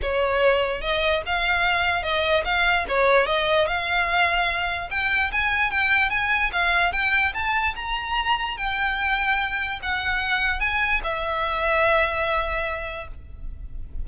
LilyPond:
\new Staff \with { instrumentName = "violin" } { \time 4/4 \tempo 4 = 147 cis''2 dis''4 f''4~ | f''4 dis''4 f''4 cis''4 | dis''4 f''2. | g''4 gis''4 g''4 gis''4 |
f''4 g''4 a''4 ais''4~ | ais''4 g''2. | fis''2 gis''4 e''4~ | e''1 | }